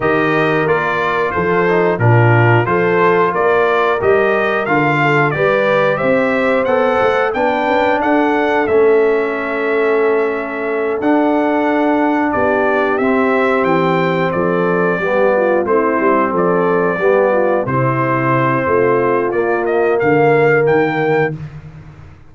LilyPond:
<<
  \new Staff \with { instrumentName = "trumpet" } { \time 4/4 \tempo 4 = 90 dis''4 d''4 c''4 ais'4 | c''4 d''4 dis''4 f''4 | d''4 e''4 fis''4 g''4 | fis''4 e''2.~ |
e''8 fis''2 d''4 e''8~ | e''8 g''4 d''2 c''8~ | c''8 d''2 c''4.~ | c''4 d''8 dis''8 f''4 g''4 | }
  \new Staff \with { instrumentName = "horn" } { \time 4/4 ais'2 a'4 f'4 | a'4 ais'2~ ais'8 a'8 | b'4 c''2 b'4 | a'1~ |
a'2~ a'8 g'4.~ | g'4. a'4 g'8 f'8 e'8~ | e'8 a'4 g'8 f'8 e'4. | f'2 ais'2 | }
  \new Staff \with { instrumentName = "trombone" } { \time 4/4 g'4 f'4. dis'8 d'4 | f'2 g'4 f'4 | g'2 a'4 d'4~ | d'4 cis'2.~ |
cis'8 d'2. c'8~ | c'2~ c'8 b4 c'8~ | c'4. b4 c'4.~ | c'4 ais2. | }
  \new Staff \with { instrumentName = "tuba" } { \time 4/4 dis4 ais4 f4 ais,4 | f4 ais4 g4 d4 | g4 c'4 b8 a8 b8 cis'8 | d'4 a2.~ |
a8 d'2 b4 c'8~ | c'8 e4 f4 g4 a8 | g8 f4 g4 c4. | a4 ais4 d4 dis4 | }
>>